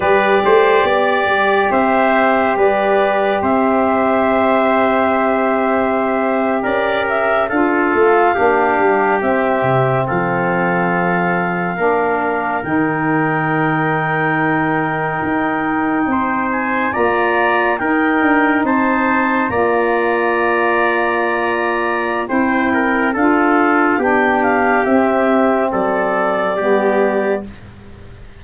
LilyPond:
<<
  \new Staff \with { instrumentName = "clarinet" } { \time 4/4 \tempo 4 = 70 d''2 e''4 d''4 | e''2.~ e''8. d''16~ | d''16 e''8 f''2 e''4 f''16~ | f''2~ f''8. g''4~ g''16~ |
g''2.~ g''16 gis''8 ais''16~ | ais''8. g''4 a''4 ais''4~ ais''16~ | ais''2 g''4 f''4 | g''8 f''8 e''4 d''2 | }
  \new Staff \with { instrumentName = "trumpet" } { \time 4/4 b'8 c''8 d''4 c''4 b'4 | c''2.~ c''8. ais'16~ | ais'8. a'4 g'2 a'16~ | a'4.~ a'16 ais'2~ ais'16~ |
ais'2~ ais'8. c''4 d''16~ | d''8. ais'4 c''4 d''4~ d''16~ | d''2 c''8 ais'8 a'4 | g'2 a'4 g'4 | }
  \new Staff \with { instrumentName = "saxophone" } { \time 4/4 g'1~ | g'1~ | g'8. f'4 d'4 c'4~ c'16~ | c'4.~ c'16 d'4 dis'4~ dis'16~ |
dis'2.~ dis'8. f'16~ | f'8. dis'2 f'4~ f'16~ | f'2 e'4 f'4 | d'4 c'2 b4 | }
  \new Staff \with { instrumentName = "tuba" } { \time 4/4 g8 a8 b8 g8 c'4 g4 | c'2.~ c'8. cis'16~ | cis'8. d'8 a8 ais8 g8 c'8 c8 f16~ | f4.~ f16 ais4 dis4~ dis16~ |
dis4.~ dis16 dis'4 c'4 ais16~ | ais8. dis'8 d'8 c'4 ais4~ ais16~ | ais2 c'4 d'4 | b4 c'4 fis4 g4 | }
>>